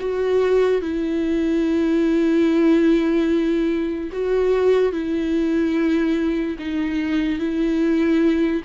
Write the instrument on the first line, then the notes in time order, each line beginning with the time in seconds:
viola
0.00 F#4
0.82 E4
4.13 F#4
4.93 E4
6.59 D#4
7.40 E4